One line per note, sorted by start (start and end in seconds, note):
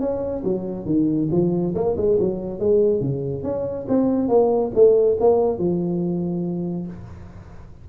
0.00 0.43 C#4
0.44 0.86 F#3
0.86 1.29 D#3
1.31 1.74 F3
1.75 1.96 A#3
1.97 2.18 G#3
2.20 2.60 F#3
2.60 3.01 G#3
3.01 3.43 C#3
3.43 3.86 C#4
3.89 4.28 C4
4.28 4.71 A#3
4.75 5.18 A3
5.20 5.58 A#3
5.58 6.87 F3